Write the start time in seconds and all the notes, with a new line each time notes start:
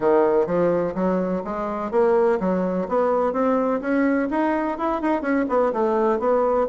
0.00 D#3
0.46 F3
0.94 F#3
1.44 G#3
1.91 A#3
2.40 F#3
2.88 B3
3.32 C4
3.80 C#4
4.30 D#4
4.77 E4
5.01 D#4
5.21 C#4
5.48 B3
5.73 A3
6.19 B3